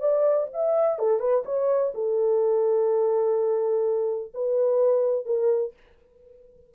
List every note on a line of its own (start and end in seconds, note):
0.00 0.48 D5
0.53 0.98 E5
0.98 1.19 A4
1.19 1.43 B4
1.45 1.93 C#5
1.94 4.32 A4
4.34 5.25 B4
5.25 5.73 A#4